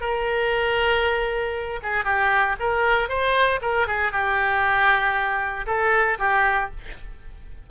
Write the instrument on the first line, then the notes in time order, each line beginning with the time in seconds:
oboe
0.00 A#4
1.83 G#4
2.04 G4
2.59 A#4
3.08 C5
3.61 A#4
3.87 G#4
4.12 G4
5.66 A4
6.19 G4